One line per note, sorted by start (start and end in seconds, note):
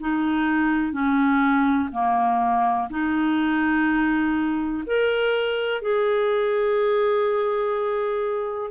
0.00 0.93 D#4
0.93 1.90 C#4
1.92 2.89 A#3
2.90 4.84 D#4
4.87 5.82 A#4
5.82 8.71 G#4